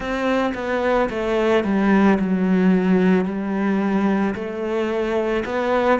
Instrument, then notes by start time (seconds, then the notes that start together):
cello
0.00 C4
0.54 B3
1.09 A3
1.64 G3
2.19 F#3
3.25 G3
4.34 A3
5.45 B3